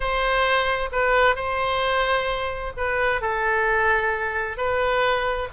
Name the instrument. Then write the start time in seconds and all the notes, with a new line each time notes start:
oboe
0.00 C5
0.92 B4
1.35 C5
2.76 B4
3.21 A4
4.57 B4